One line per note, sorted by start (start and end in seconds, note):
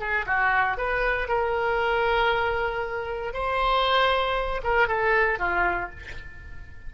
0.00 0.26 G#4
0.27 0.78 F#4
0.78 1.28 B4
1.28 3.34 A#4
3.34 4.62 C5
4.64 4.88 A#4
4.88 5.39 A4
5.39 5.90 F4